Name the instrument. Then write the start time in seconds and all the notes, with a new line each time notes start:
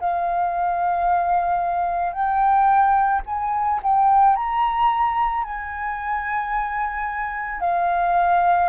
flute
0.00 F5
2.13 G5
3.26 G#5
3.83 G5
4.36 A#5
5.44 G#5
7.60 F5